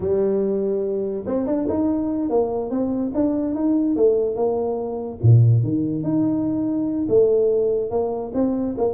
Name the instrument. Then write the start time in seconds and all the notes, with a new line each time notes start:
tuba
0.00 G3
1.26 C4
1.46 D4
1.69 D#4
2.29 A#3
2.70 C4
3.14 D4
3.55 D#4
3.95 A3
4.35 A#3
5.22 A#2
5.63 D#3
6.03 D#4
7.08 A3
7.90 A#3
8.34 C4
8.77 A#3